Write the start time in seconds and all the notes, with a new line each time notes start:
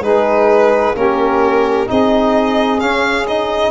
0.00 G#3 D#4 G#4 B4
0.95 A#3 C#4 G4 A#4
1.87 C4 D#4 G#4 D#5
2.79 C#4 F5
3.28 D#4 D#5